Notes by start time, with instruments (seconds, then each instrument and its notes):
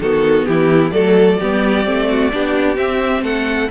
0.00 cello D#3, viola B3, violin F#4 A4
0.46 cello E3, violin E4 G4
0.91 cello F#3, viola A3, violin A4 D5
1.40 cello G3, viola B3, violin G4
1.84 cello A3, viola C4
2.09 violin F#4
2.32 cello B3, viola D4, violin G4
2.75 viola C4, cello C4, violin E5
3.21 cello A3, violin A4 F#5